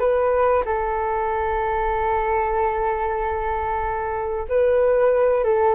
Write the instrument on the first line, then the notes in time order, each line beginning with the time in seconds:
flute
0.00 B4
0.66 A4
4.49 B4
5.45 A4